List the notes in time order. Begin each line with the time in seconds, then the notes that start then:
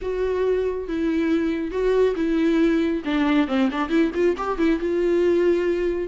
0.01 F#4
0.88 E4
1.71 F#4
2.15 E4
3.04 D4
3.47 C4
3.71 D4
3.89 E4
4.14 F4
4.37 G4
4.58 E4
4.79 F4